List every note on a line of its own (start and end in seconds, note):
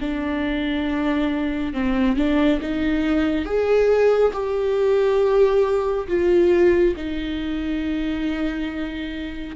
0.00 1.73 D4
1.73 2.16 C4
2.16 2.60 D4
2.61 3.45 D#4
3.45 4.32 G#4
4.33 6.07 G4
6.07 6.94 F4
6.96 9.56 D#4